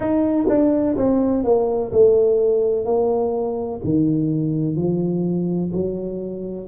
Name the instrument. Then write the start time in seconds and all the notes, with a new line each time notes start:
tuba
0.00 D#4
0.48 D4
0.96 C4
1.43 A#3
1.92 A3
2.85 A#3
3.84 D#3
4.76 F3
5.72 F#3